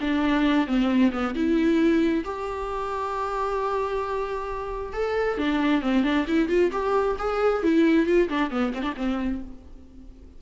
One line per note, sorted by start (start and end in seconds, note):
0.00 0.67 D4
0.67 1.11 C4
1.12 1.34 B3
1.34 2.24 E4
2.24 4.93 G4
4.93 5.37 A4
5.37 5.81 D4
5.81 6.03 C4
6.03 6.25 D4
6.27 6.48 E4
6.48 6.71 F4
6.72 7.16 G4
7.18 7.63 G#4
7.63 8.06 E4
8.06 8.28 F4
8.29 8.50 D4
8.50 8.73 B3
8.74 8.82 C4
8.82 8.93 D4
8.96 9.41 C4